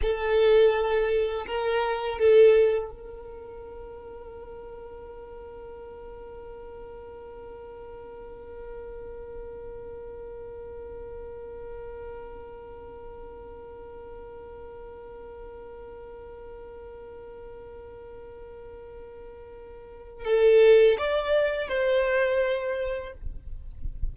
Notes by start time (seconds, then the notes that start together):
0.01 A4
1.46 A#4
2.18 A4
2.90 A#4
20.24 A4
20.98 D5
21.68 C5